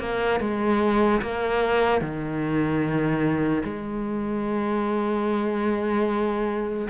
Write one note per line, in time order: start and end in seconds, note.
0.00 0.41 A#3
0.41 1.22 G#3
1.22 2.01 A#3
2.01 3.63 D#3
3.64 6.88 G#3